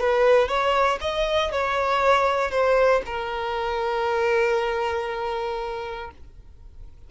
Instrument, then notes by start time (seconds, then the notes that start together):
violin
0.00 B4
0.48 C#5
1.01 D#5
1.51 C#5
2.51 C5
3.05 A#4